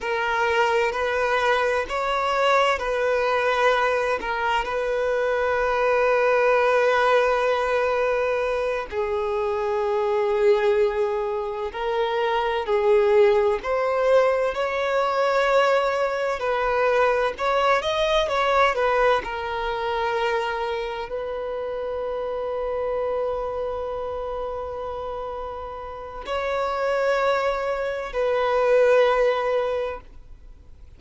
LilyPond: \new Staff \with { instrumentName = "violin" } { \time 4/4 \tempo 4 = 64 ais'4 b'4 cis''4 b'4~ | b'8 ais'8 b'2.~ | b'4. gis'2~ gis'8~ | gis'8 ais'4 gis'4 c''4 cis''8~ |
cis''4. b'4 cis''8 dis''8 cis''8 | b'8 ais'2 b'4.~ | b'1 | cis''2 b'2 | }